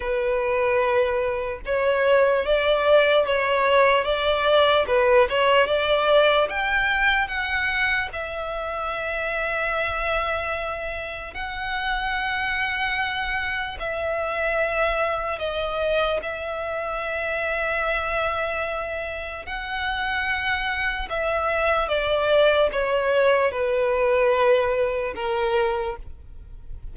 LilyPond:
\new Staff \with { instrumentName = "violin" } { \time 4/4 \tempo 4 = 74 b'2 cis''4 d''4 | cis''4 d''4 b'8 cis''8 d''4 | g''4 fis''4 e''2~ | e''2 fis''2~ |
fis''4 e''2 dis''4 | e''1 | fis''2 e''4 d''4 | cis''4 b'2 ais'4 | }